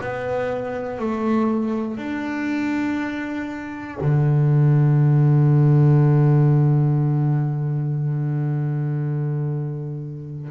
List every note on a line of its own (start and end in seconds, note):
0.00 0.99 B3
0.99 1.97 A3
1.97 3.97 D4
4.00 10.50 D3